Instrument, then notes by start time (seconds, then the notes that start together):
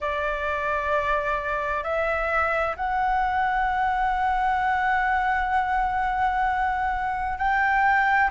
flute
0.00 D5
1.83 E5
2.76 F#5
7.38 G5